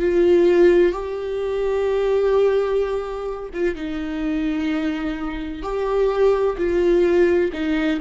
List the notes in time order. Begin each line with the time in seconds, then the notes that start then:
0.00 F4
0.93 G4
3.54 F4
3.76 D#4
5.63 G4
6.58 F4
7.53 D#4